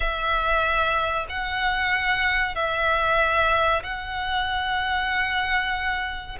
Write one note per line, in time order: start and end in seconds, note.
0.00 1.26 E5
1.29 2.55 F#5
2.55 3.82 E5
3.83 6.38 F#5